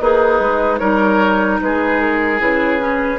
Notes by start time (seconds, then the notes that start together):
0.00 A#3 D#4 G#4 B4
0.40 G#3
0.78 G3 D#4 A#4 C#5
1.61 G#3 G#4 B4
2.00 A#4
2.39 C#3 E4 B4
2.79 C#4